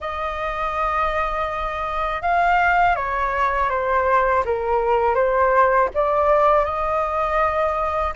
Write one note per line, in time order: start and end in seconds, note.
0.00 2.22 D#5
2.22 2.95 F5
2.95 3.69 C#5
3.69 4.43 C5
4.45 5.14 A#4
5.14 5.89 C5
5.94 6.65 D5
6.65 8.13 D#5